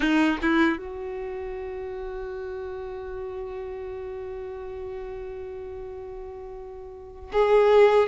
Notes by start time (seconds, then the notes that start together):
0.00 D#4
0.42 E4
0.77 F#4
7.32 G#4